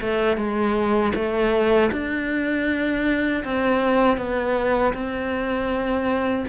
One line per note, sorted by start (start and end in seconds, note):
0.00 0.37 A3
0.37 1.13 G#3
1.15 1.91 A3
1.91 3.43 D4
3.44 4.17 C4
4.17 4.93 B3
4.93 6.45 C4